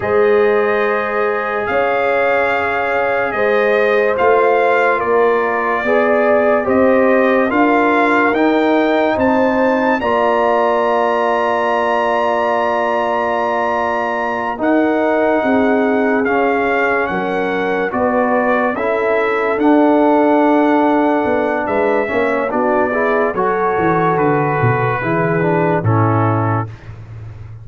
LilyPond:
<<
  \new Staff \with { instrumentName = "trumpet" } { \time 4/4 \tempo 4 = 72 dis''2 f''2 | dis''4 f''4 d''2 | dis''4 f''4 g''4 a''4 | ais''1~ |
ais''4. fis''2 f''8~ | f''8 fis''4 d''4 e''4 fis''8~ | fis''2 e''4 d''4 | cis''4 b'2 a'4 | }
  \new Staff \with { instrumentName = "horn" } { \time 4/4 c''2 cis''2 | c''2 ais'4 d''4 | c''4 ais'2 c''4 | d''1~ |
d''4. ais'4 gis'4.~ | gis'8 ais'4 b'4 a'4.~ | a'2 b'8 cis''8 fis'8 gis'8 | a'2 gis'4 e'4 | }
  \new Staff \with { instrumentName = "trombone" } { \time 4/4 gis'1~ | gis'4 f'2 gis'4 | g'4 f'4 dis'2 | f'1~ |
f'4. dis'2 cis'8~ | cis'4. fis'4 e'4 d'8~ | d'2~ d'8 cis'8 d'8 e'8 | fis'2 e'8 d'8 cis'4 | }
  \new Staff \with { instrumentName = "tuba" } { \time 4/4 gis2 cis'2 | gis4 a4 ais4 b4 | c'4 d'4 dis'4 c'4 | ais1~ |
ais4. dis'4 c'4 cis'8~ | cis'8 fis4 b4 cis'4 d'8~ | d'4. b8 gis8 ais8 b4 | fis8 e8 d8 b,8 e4 a,4 | }
>>